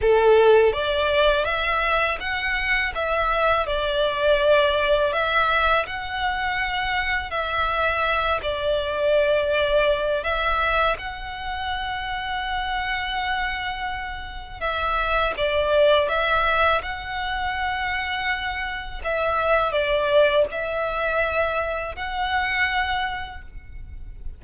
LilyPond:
\new Staff \with { instrumentName = "violin" } { \time 4/4 \tempo 4 = 82 a'4 d''4 e''4 fis''4 | e''4 d''2 e''4 | fis''2 e''4. d''8~ | d''2 e''4 fis''4~ |
fis''1 | e''4 d''4 e''4 fis''4~ | fis''2 e''4 d''4 | e''2 fis''2 | }